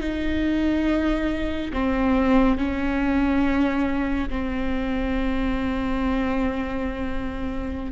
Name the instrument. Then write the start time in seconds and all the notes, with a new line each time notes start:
viola
0.00 D#4
1.73 C4
2.58 C#4
4.29 C4